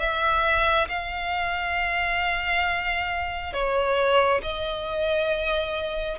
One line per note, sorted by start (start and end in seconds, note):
0.00 0.88 E5
0.89 3.53 F5
3.53 4.41 C#5
4.42 6.19 D#5